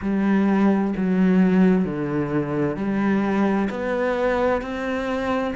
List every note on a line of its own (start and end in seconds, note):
0.01 0.94 G3
0.96 1.84 F#3
1.84 2.76 D3
2.76 3.68 G3
3.70 4.62 B3
4.62 5.54 C4